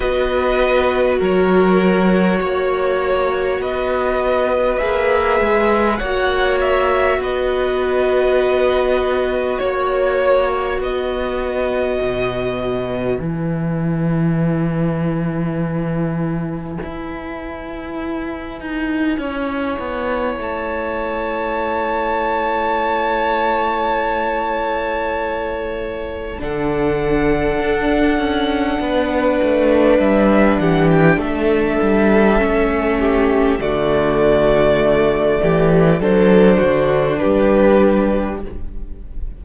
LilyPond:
<<
  \new Staff \with { instrumentName = "violin" } { \time 4/4 \tempo 4 = 50 dis''4 cis''2 dis''4 | e''4 fis''8 e''8 dis''2 | cis''4 dis''2 gis''4~ | gis''1~ |
gis''4 a''2.~ | a''2 fis''2~ | fis''4 e''8 fis''16 g''16 e''2 | d''2 c''4 b'4 | }
  \new Staff \with { instrumentName = "violin" } { \time 4/4 b'4 ais'4 cis''4 b'4~ | b'4 cis''4 b'2 | cis''4 b'2.~ | b'1 |
cis''1~ | cis''2 a'2 | b'4. g'8 a'4. g'8 | fis'4. g'8 a'8 fis'8 g'4 | }
  \new Staff \with { instrumentName = "viola" } { \time 4/4 fis'1 | gis'4 fis'2.~ | fis'2. e'4~ | e'1~ |
e'1~ | e'2 d'2~ | d'2. cis'4 | a2 d'2 | }
  \new Staff \with { instrumentName = "cello" } { \time 4/4 b4 fis4 ais4 b4 | ais8 gis8 ais4 b2 | ais4 b4 b,4 e4~ | e2 e'4. dis'8 |
cis'8 b8 a2.~ | a2 d4 d'8 cis'8 | b8 a8 g8 e8 a8 g8 a4 | d4. e8 fis8 d8 g4 | }
>>